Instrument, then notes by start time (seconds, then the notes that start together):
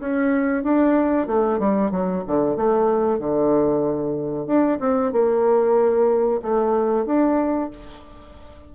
bassoon
0.00 C#4
0.64 D4
1.27 A3
1.60 G3
1.91 F#3
2.28 D3
2.57 A3
3.19 D3
4.47 D4
4.80 C4
5.13 A#3
6.43 A3
7.06 D4